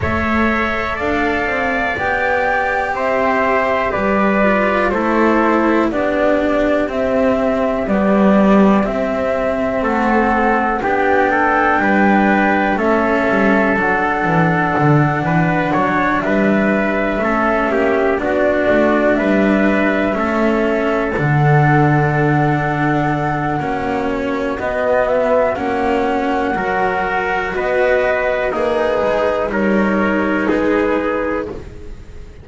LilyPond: <<
  \new Staff \with { instrumentName = "flute" } { \time 4/4 \tempo 4 = 61 e''4 f''4 g''4 e''4 | d''4 c''4 d''4 e''4 | d''4 e''4 fis''4 g''4~ | g''4 e''4 fis''2~ |
fis''8 e''2 d''4 e''8~ | e''4. fis''2~ fis''8~ | fis''8 cis''8 dis''8 e''8 fis''2 | dis''4 b'4 cis''4 b'4 | }
  \new Staff \with { instrumentName = "trumpet" } { \time 4/4 cis''4 d''2 c''4 | b'4 a'4 g'2~ | g'2 a'4 g'8 a'8 | b'4 a'2~ a'8 b'8 |
cis''8 b'4 a'8 g'8 fis'4 b'8~ | b'8 a'2.~ a'8 | fis'2. ais'4 | b'4 dis'4 ais'4 gis'4 | }
  \new Staff \with { instrumentName = "cello" } { \time 4/4 a'2 g'2~ | g'8 f'8 e'4 d'4 c'4 | g4 c'2 d'4~ | d'4 cis'4 d'2~ |
d'4. cis'4 d'4.~ | d'8 cis'4 d'2~ d'8 | cis'4 b4 cis'4 fis'4~ | fis'4 gis'4 dis'2 | }
  \new Staff \with { instrumentName = "double bass" } { \time 4/4 a4 d'8 c'8 b4 c'4 | g4 a4 b4 c'4 | b4 c'4 a4 b4 | g4 a8 g8 fis8 e8 d8 e8 |
fis8 g4 a8 ais8 b8 a8 g8~ | g8 a4 d2~ d8 | ais4 b4 ais4 fis4 | b4 ais8 gis8 g4 gis4 | }
>>